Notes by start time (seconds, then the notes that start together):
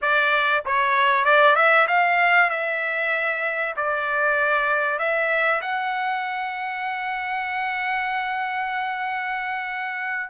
0.01 D5
0.65 C#5
1.24 D5
1.55 E5
1.87 F5
2.50 E5
3.76 D5
4.98 E5
5.61 F#5